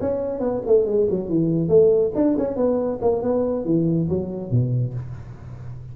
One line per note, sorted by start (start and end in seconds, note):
0.00 0.39 C#4
0.39 0.61 B3
0.66 0.85 A3
0.85 1.07 G#3
1.10 1.29 F#3
1.29 1.68 E3
1.68 2.12 A3
2.15 2.36 D4
2.38 2.56 C#4
2.56 2.99 B3
3.01 3.22 A#3
3.22 3.65 B3
3.65 4.08 E3
4.09 4.50 F#3
4.50 4.93 B2